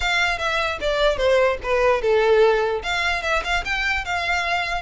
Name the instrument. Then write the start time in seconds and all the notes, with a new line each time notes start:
violin
0.00 F5
0.38 E5
0.80 D5
1.17 C5
1.63 B4
2.01 A4
2.82 F5
3.22 E5
3.44 F5
3.65 G5
4.05 F5